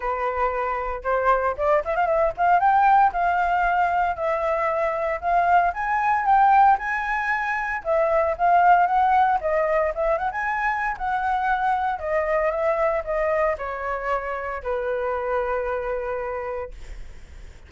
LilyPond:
\new Staff \with { instrumentName = "flute" } { \time 4/4 \tempo 4 = 115 b'2 c''4 d''8 e''16 f''16 | e''8 f''8 g''4 f''2 | e''2 f''4 gis''4 | g''4 gis''2 e''4 |
f''4 fis''4 dis''4 e''8 fis''16 gis''16~ | gis''4 fis''2 dis''4 | e''4 dis''4 cis''2 | b'1 | }